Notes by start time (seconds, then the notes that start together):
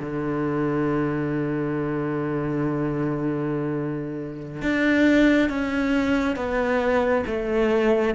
0.00 D3
4.62 D4
5.49 C#4
6.36 B3
7.26 A3